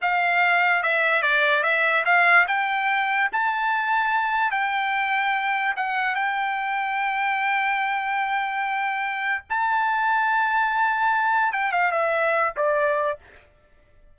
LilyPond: \new Staff \with { instrumentName = "trumpet" } { \time 4/4 \tempo 4 = 146 f''2 e''4 d''4 | e''4 f''4 g''2 | a''2. g''4~ | g''2 fis''4 g''4~ |
g''1~ | g''2. a''4~ | a''1 | g''8 f''8 e''4. d''4. | }